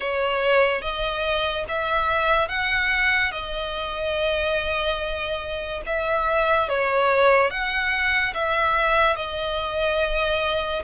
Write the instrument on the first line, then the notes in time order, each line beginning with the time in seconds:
violin
0.00 C#5
0.81 D#5
1.68 E5
2.48 F#5
3.31 D#5
5.86 E5
6.68 C#5
7.50 F#5
8.33 E5
9.16 D#5